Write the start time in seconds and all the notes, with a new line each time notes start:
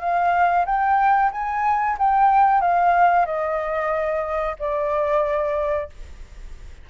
0.00 F5
0.66 G5
1.32 G#5
1.98 G5
2.61 F5
3.25 D#5
4.59 D5